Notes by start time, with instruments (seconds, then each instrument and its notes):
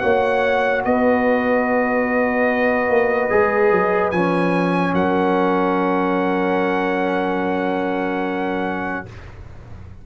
0.00 tuba A#3, trombone F#4, horn C#5, trumpet F#5
0.85 tuba B3, horn B4, trumpet D#5
2.90 tuba A#3
3.30 tuba G#3, trombone G#4
3.72 tuba F#3
4.11 tuba F3, trombone C#4, trumpet G#5
4.94 tuba F#3, horn A#4, trumpet F#5